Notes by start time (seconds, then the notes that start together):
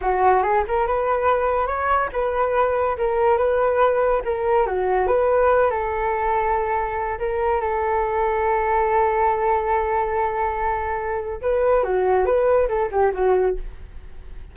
0.01 F#4
0.42 G#4
0.67 A#4
0.86 B4
1.67 C#5
2.12 B4
2.97 A#4
3.37 B4
4.25 A#4
4.66 F#4
5.07 B4
5.70 A4
7.18 A#4
7.60 A4
11.41 B4
11.83 F#4
12.25 B4
12.68 A4
12.91 G4
13.14 F#4